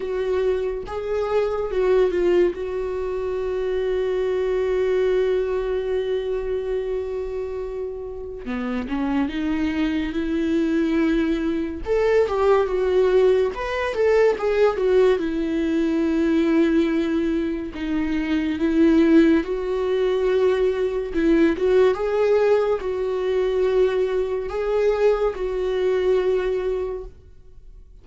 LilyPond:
\new Staff \with { instrumentName = "viola" } { \time 4/4 \tempo 4 = 71 fis'4 gis'4 fis'8 f'8 fis'4~ | fis'1~ | fis'2 b8 cis'8 dis'4 | e'2 a'8 g'8 fis'4 |
b'8 a'8 gis'8 fis'8 e'2~ | e'4 dis'4 e'4 fis'4~ | fis'4 e'8 fis'8 gis'4 fis'4~ | fis'4 gis'4 fis'2 | }